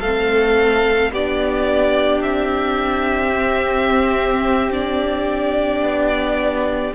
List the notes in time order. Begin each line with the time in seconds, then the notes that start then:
0.00 A3 C4 A4 F5
1.11 B3 D4 G4 D5
2.22 C4 E5
3.33 C4
4.71 D4 D5
5.82 B3